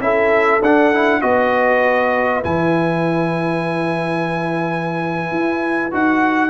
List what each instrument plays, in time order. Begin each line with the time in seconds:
0.00 tuba C#4, trombone E4, horn A4, trumpet E5
0.62 tuba D4, trombone D4, trumpet F#5
0.93 trombone E4
1.22 tuba B3, trombone F#4, horn B4, trumpet D#5
2.43 tuba E3, trombone E4, trumpet G#5
5.32 tuba E4
5.92 tuba D#4, trombone F#4, trumpet F#5